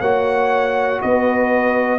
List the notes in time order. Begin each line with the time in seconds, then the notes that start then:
0.00 A#3 F#4 C#5 F#5
1.01 B3 B4 D#5